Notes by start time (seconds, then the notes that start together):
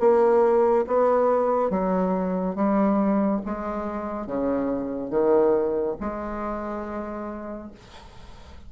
0.00 A#3
0.87 B3
1.71 F#3
2.56 G3
3.46 G#3
4.27 C#3
5.11 D#3
6.00 G#3